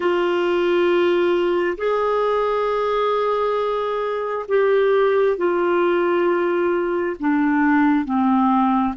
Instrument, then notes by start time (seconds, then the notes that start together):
clarinet
0.00 F4
1.77 G#4
4.48 G4
5.37 F4
7.19 D4
8.04 C4